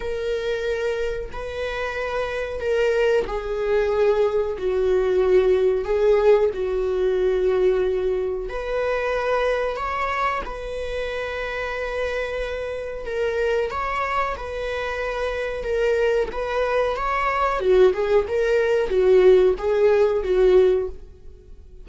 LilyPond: \new Staff \with { instrumentName = "viola" } { \time 4/4 \tempo 4 = 92 ais'2 b'2 | ais'4 gis'2 fis'4~ | fis'4 gis'4 fis'2~ | fis'4 b'2 cis''4 |
b'1 | ais'4 cis''4 b'2 | ais'4 b'4 cis''4 fis'8 gis'8 | ais'4 fis'4 gis'4 fis'4 | }